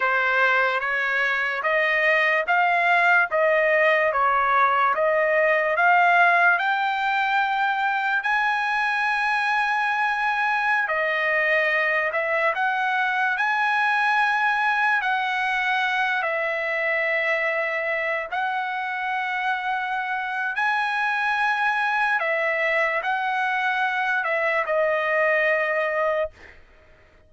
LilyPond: \new Staff \with { instrumentName = "trumpet" } { \time 4/4 \tempo 4 = 73 c''4 cis''4 dis''4 f''4 | dis''4 cis''4 dis''4 f''4 | g''2 gis''2~ | gis''4~ gis''16 dis''4. e''8 fis''8.~ |
fis''16 gis''2 fis''4. e''16~ | e''2~ e''16 fis''4.~ fis''16~ | fis''4 gis''2 e''4 | fis''4. e''8 dis''2 | }